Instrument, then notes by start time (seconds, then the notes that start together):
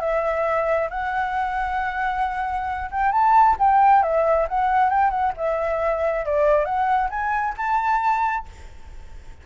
flute
0.00 E5
0.90 F#5
2.91 G5
3.12 A5
3.59 G5
4.02 E5
4.48 F#5
4.89 G5
5.10 F#5
5.37 E5
6.25 D5
6.65 F#5
7.09 G#5
7.57 A5